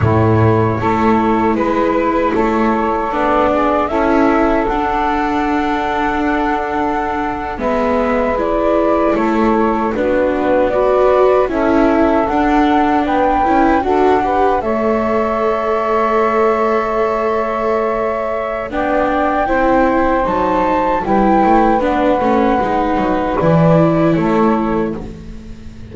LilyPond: <<
  \new Staff \with { instrumentName = "flute" } { \time 4/4 \tempo 4 = 77 cis''2 b'4 cis''4 | d''4 e''4 fis''2~ | fis''4.~ fis''16 e''4 d''4 cis''16~ | cis''8. b'4 d''4 e''4 fis''16~ |
fis''8. g''4 fis''4 e''4~ e''16~ | e''1 | g''2 a''4 g''4 | fis''2 d''4 cis''4 | }
  \new Staff \with { instrumentName = "saxophone" } { \time 4/4 e'4 a'4 b'4 a'4~ | a'8 gis'8 a'2.~ | a'4.~ a'16 b'2 a'16~ | a'8. fis'4 b'4 a'4~ a'16~ |
a'8. b'4 a'8 b'8 cis''4~ cis''16~ | cis''1 | d''4 c''2 b'4~ | b'2. a'4 | }
  \new Staff \with { instrumentName = "viola" } { \time 4/4 a4 e'2. | d'4 e'4 d'2~ | d'4.~ d'16 b4 e'4~ e'16~ | e'8. d'4 fis'4 e'4 d'16~ |
d'4~ d'16 e'8 fis'8 g'8 a'4~ a'16~ | a'1 | d'4 e'4 dis'4 e'4 | d'8 cis'8 dis'4 e'2 | }
  \new Staff \with { instrumentName = "double bass" } { \time 4/4 a,4 a4 gis4 a4 | b4 cis'4 d'2~ | d'4.~ d'16 gis2 a16~ | a8. b2 cis'4 d'16~ |
d'8. b8 cis'8 d'4 a4~ a16~ | a1 | b4 c'4 fis4 g8 a8 | b8 a8 gis8 fis8 e4 a4 | }
>>